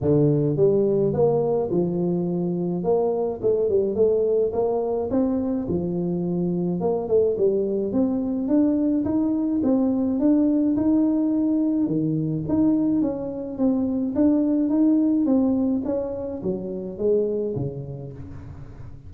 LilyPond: \new Staff \with { instrumentName = "tuba" } { \time 4/4 \tempo 4 = 106 d4 g4 ais4 f4~ | f4 ais4 a8 g8 a4 | ais4 c'4 f2 | ais8 a8 g4 c'4 d'4 |
dis'4 c'4 d'4 dis'4~ | dis'4 dis4 dis'4 cis'4 | c'4 d'4 dis'4 c'4 | cis'4 fis4 gis4 cis4 | }